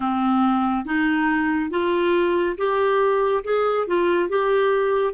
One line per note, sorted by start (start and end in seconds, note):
0.00 0.85 C4
0.85 1.70 D#4
1.70 2.56 F4
2.57 3.43 G4
3.44 3.86 G#4
3.87 4.29 F4
4.29 5.14 G4